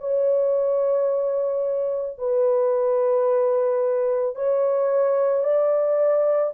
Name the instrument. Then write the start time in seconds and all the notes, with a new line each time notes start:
horn
0.00 C#5
2.18 B4
4.35 C#5
5.43 D5